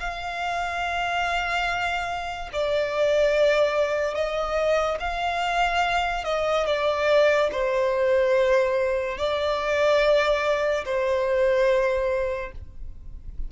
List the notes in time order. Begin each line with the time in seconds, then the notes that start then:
0.00 F5
2.53 D5
4.15 D#5
5.00 F5
6.25 D#5
6.67 D5
7.52 C5
9.18 D5
10.85 C5